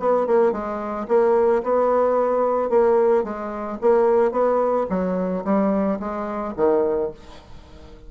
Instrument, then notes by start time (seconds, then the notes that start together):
bassoon
0.00 B3
0.27 A#3
0.52 G#3
1.08 A#3
1.64 B3
2.70 A#3
3.24 G#3
3.82 A#3
4.32 B3
4.90 F#3
5.45 G3
6.00 G#3
6.57 D#3